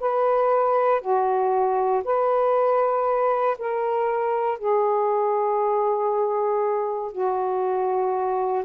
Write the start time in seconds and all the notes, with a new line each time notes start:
0.00 B4
1.01 F#4
2.04 B4
3.58 A#4
4.59 G#4
7.12 F#4